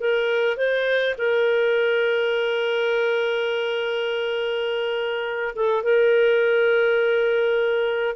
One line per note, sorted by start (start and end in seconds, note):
0.00 0.57 A#4
0.57 1.15 C5
1.18 5.55 A#4
5.56 5.83 A4
5.83 8.16 A#4